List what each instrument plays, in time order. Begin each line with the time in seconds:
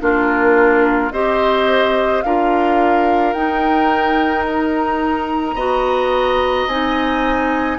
0.00 bassoon A#3, clarinet D4, oboe F4, flute A#4
1.11 bassoon C4, clarinet G4, oboe C5, flute D#5
2.22 bassoon D4, clarinet F4, oboe A#4, flute F5
3.33 bassoon D#4, clarinet D#4, flute G5
4.48 flute A#5
5.55 bassoon B3, clarinet F#4, oboe D#5
6.67 bassoon C4, clarinet D#4, flute G#5